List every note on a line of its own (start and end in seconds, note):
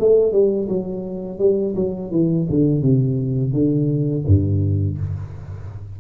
0.00 0.32 A3
0.32 0.68 G3
0.69 1.39 F#3
1.39 1.75 G3
1.76 2.11 F#3
2.11 2.47 E3
2.50 2.82 D3
2.82 3.53 C3
3.53 4.24 D3
4.27 4.98 G2